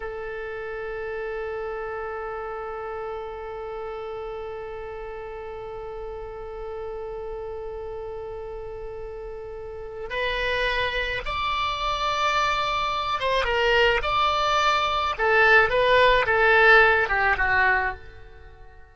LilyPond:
\new Staff \with { instrumentName = "oboe" } { \time 4/4 \tempo 4 = 107 a'1~ | a'1~ | a'1~ | a'1~ |
a'2 b'2 | d''2.~ d''8 c''8 | ais'4 d''2 a'4 | b'4 a'4. g'8 fis'4 | }